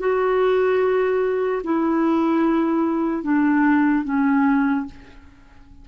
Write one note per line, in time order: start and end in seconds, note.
0.00 1.62 F#4
1.64 3.23 E4
3.23 4.04 D4
4.05 4.86 C#4